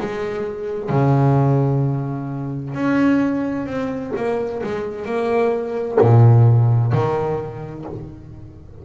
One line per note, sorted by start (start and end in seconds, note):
0.00 0.90 G#3
0.90 2.75 C#3
2.75 3.67 C#4
3.67 4.13 C4
4.17 4.63 A#3
4.64 5.06 G#3
5.06 5.98 A#3
6.01 6.93 A#2
6.93 7.85 D#3